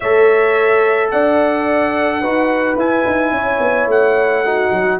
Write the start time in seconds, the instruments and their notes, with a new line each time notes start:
0.00 tuba A3, trombone A4, horn C#5, trumpet E5
1.11 tuba D4, horn D5, trumpet F#5
2.21 tuba D#4, trombone F#4, horn B4
2.76 tuba E4, trombone E4, trumpet G#5
3.05 tuba D#4
3.31 tuba C#4, horn C#5
3.60 tuba B3
3.86 tuba A3, trumpet F#5
4.45 trombone D#4, horn F#4
4.72 tuba F#3